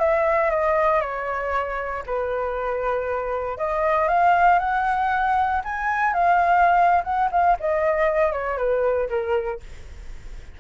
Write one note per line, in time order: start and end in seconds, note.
0.00 0.51 E5
0.51 1.01 D#5
1.01 2.03 C#5
2.07 3.58 B4
3.58 4.08 D#5
4.08 4.60 F5
4.60 5.62 F#5
5.65 6.14 G#5
6.14 7.03 F5
7.04 7.30 F#5
7.32 7.57 F5
7.60 8.32 D#5
8.32 8.58 C#5
8.58 9.09 B4
9.10 9.61 A#4